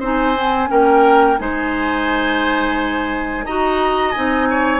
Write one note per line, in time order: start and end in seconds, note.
0.00 0.69 C4
0.00 0.35 D#4
0.00 0.69 C5
0.00 0.71 G#5
0.35 0.68 C4
0.68 1.40 A#3
0.68 1.37 C#4
0.68 1.40 A#4
0.68 1.39 G5
1.38 3.47 G#3
1.38 3.45 D#4
1.38 3.45 C5
1.38 3.46 G#5
3.45 4.16 D#4
3.45 4.15 F#4
3.45 4.49 D#5
3.45 4.11 A#5
4.11 4.80 C4
4.11 4.80 D#4
4.11 4.80 G#5
4.50 4.80 C#5